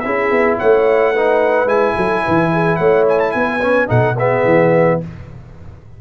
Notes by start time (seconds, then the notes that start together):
0.00 C#4 E4 G#4 E5
0.31 B3
0.58 A3 C#5 F#5
1.12 D#4 B4
1.66 G#3 E4 G#5
1.96 F#3 A4
2.24 E3 B4
2.53 G#4
2.77 A3 C#5 F#5
3.09 G#5
3.20 A5
3.32 B3 B4 G#5
3.62 C#4
3.87 B2 D#4 A4 F#5
4.17 B3 G#4 E5
4.45 E3